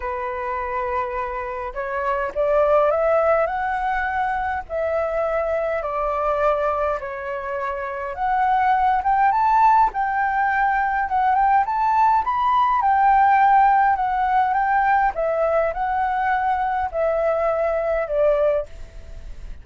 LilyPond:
\new Staff \with { instrumentName = "flute" } { \time 4/4 \tempo 4 = 103 b'2. cis''4 | d''4 e''4 fis''2 | e''2 d''2 | cis''2 fis''4. g''8 |
a''4 g''2 fis''8 g''8 | a''4 b''4 g''2 | fis''4 g''4 e''4 fis''4~ | fis''4 e''2 d''4 | }